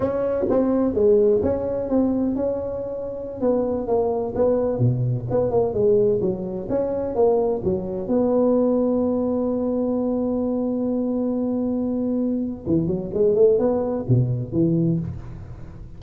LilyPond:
\new Staff \with { instrumentName = "tuba" } { \time 4/4 \tempo 4 = 128 cis'4 c'4 gis4 cis'4 | c'4 cis'2~ cis'16 b8.~ | b16 ais4 b4 b,4 b8 ais16~ | ais16 gis4 fis4 cis'4 ais8.~ |
ais16 fis4 b2~ b8.~ | b1~ | b2. e8 fis8 | gis8 a8 b4 b,4 e4 | }